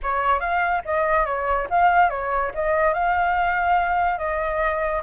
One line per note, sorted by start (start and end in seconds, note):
0.02 0.39 C#5
0.39 0.81 F5
0.85 1.25 D#5
1.25 1.67 C#5
1.70 2.09 F5
2.09 2.51 C#5
2.54 2.93 D#5
2.93 4.17 F5
4.17 5.01 D#5